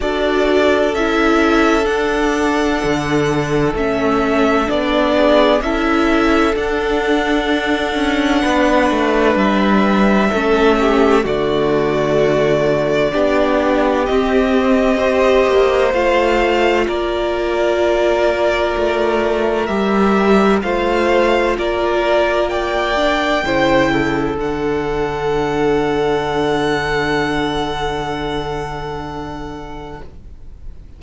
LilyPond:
<<
  \new Staff \with { instrumentName = "violin" } { \time 4/4 \tempo 4 = 64 d''4 e''4 fis''2 | e''4 d''4 e''4 fis''4~ | fis''2 e''2 | d''2. dis''4~ |
dis''4 f''4 d''2~ | d''4 e''4 f''4 d''4 | g''2 fis''2~ | fis''1 | }
  \new Staff \with { instrumentName = "violin" } { \time 4/4 a'1~ | a'4. gis'8 a'2~ | a'4 b'2 a'8 g'8 | fis'2 g'2 |
c''2 ais'2~ | ais'2 c''4 ais'4 | d''4 c''8 a'2~ a'8~ | a'1 | }
  \new Staff \with { instrumentName = "viola" } { \time 4/4 fis'4 e'4 d'2 | cis'4 d'4 e'4 d'4~ | d'2. cis'4 | a2 d'4 c'4 |
g'4 f'2.~ | f'4 g'4 f'2~ | f'8 d'8 e'4 d'2~ | d'1 | }
  \new Staff \with { instrumentName = "cello" } { \time 4/4 d'4 cis'4 d'4 d4 | a4 b4 cis'4 d'4~ | d'8 cis'8 b8 a8 g4 a4 | d2 b4 c'4~ |
c'8 ais8 a4 ais2 | a4 g4 a4 ais4~ | ais4 cis4 d2~ | d1 | }
>>